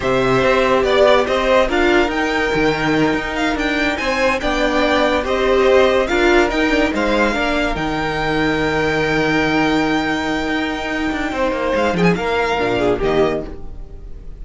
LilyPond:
<<
  \new Staff \with { instrumentName = "violin" } { \time 4/4 \tempo 4 = 143 e''2 d''4 dis''4 | f''4 g''2. | f''8 g''4 gis''4 g''4.~ | g''8 dis''2 f''4 g''8~ |
g''8 f''2 g''4.~ | g''1~ | g''1 | f''8 g''16 gis''16 f''2 dis''4 | }
  \new Staff \with { instrumentName = "violin" } { \time 4/4 c''2 d''4 c''4 | ais'1~ | ais'4. c''4 d''4.~ | d''8 c''2 ais'4.~ |
ais'8 c''4 ais'2~ ais'8~ | ais'1~ | ais'2. c''4~ | c''8 gis'8 ais'4. gis'8 g'4 | }
  \new Staff \with { instrumentName = "viola" } { \time 4/4 g'1 | f'4 dis'2.~ | dis'2~ dis'8 d'4.~ | d'8 g'2 f'4 dis'8 |
d'8 dis'4 d'4 dis'4.~ | dis'1~ | dis'1~ | dis'2 d'4 ais4 | }
  \new Staff \with { instrumentName = "cello" } { \time 4/4 c4 c'4 b4 c'4 | d'4 dis'4 dis4. dis'8~ | dis'8 d'4 c'4 b4.~ | b8 c'2 d'4 dis'8~ |
dis'8 gis4 ais4 dis4.~ | dis1~ | dis4 dis'4. d'8 c'8 ais8 | gis8 f8 ais4 ais,4 dis4 | }
>>